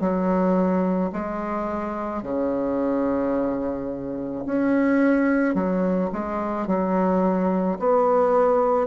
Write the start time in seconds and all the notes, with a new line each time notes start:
0.00 F#3
1.13 G#3
2.22 C#3
4.45 C#4
5.54 F#3
6.13 G#3
6.67 F#3
7.79 B3